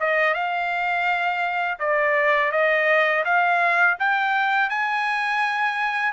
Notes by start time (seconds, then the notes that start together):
0.00 D#5
0.34 F5
1.79 D5
2.52 D#5
3.25 F5
3.99 G5
4.70 G#5